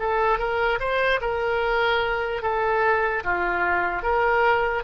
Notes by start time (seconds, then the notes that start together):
0.00 A4
0.39 A#4
0.80 C5
1.22 A#4
2.43 A4
3.24 F4
4.03 A#4